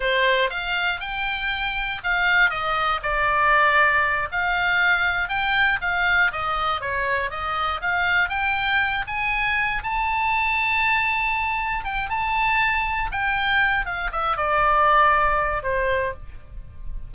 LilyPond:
\new Staff \with { instrumentName = "oboe" } { \time 4/4 \tempo 4 = 119 c''4 f''4 g''2 | f''4 dis''4 d''2~ | d''8 f''2 g''4 f''8~ | f''8 dis''4 cis''4 dis''4 f''8~ |
f''8 g''4. gis''4. a''8~ | a''2.~ a''8 g''8 | a''2 g''4. f''8 | e''8 d''2~ d''8 c''4 | }